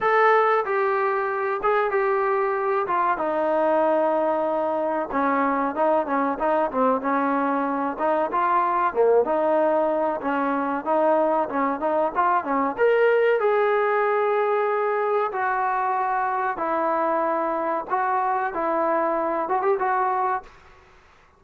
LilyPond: \new Staff \with { instrumentName = "trombone" } { \time 4/4 \tempo 4 = 94 a'4 g'4. gis'8 g'4~ | g'8 f'8 dis'2. | cis'4 dis'8 cis'8 dis'8 c'8 cis'4~ | cis'8 dis'8 f'4 ais8 dis'4. |
cis'4 dis'4 cis'8 dis'8 f'8 cis'8 | ais'4 gis'2. | fis'2 e'2 | fis'4 e'4. fis'16 g'16 fis'4 | }